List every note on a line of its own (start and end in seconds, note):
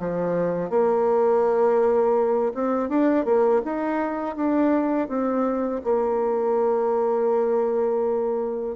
0.00 0.70 F3
0.70 2.53 A#3
2.54 2.89 C4
2.89 3.25 D4
3.25 3.62 A#3
3.65 4.36 D#4
4.36 5.09 D4
5.09 5.82 C4
5.84 8.76 A#3